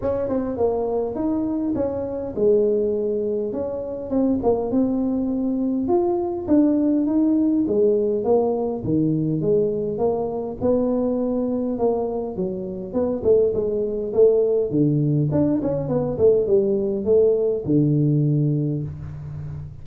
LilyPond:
\new Staff \with { instrumentName = "tuba" } { \time 4/4 \tempo 4 = 102 cis'8 c'8 ais4 dis'4 cis'4 | gis2 cis'4 c'8 ais8 | c'2 f'4 d'4 | dis'4 gis4 ais4 dis4 |
gis4 ais4 b2 | ais4 fis4 b8 a8 gis4 | a4 d4 d'8 cis'8 b8 a8 | g4 a4 d2 | }